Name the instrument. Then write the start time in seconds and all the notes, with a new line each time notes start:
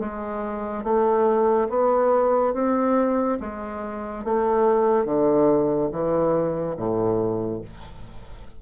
bassoon
0.00 G#3
0.84 A3
1.69 B3
2.54 C4
3.40 G#3
4.25 A3
5.06 D3
5.92 E3
6.77 A2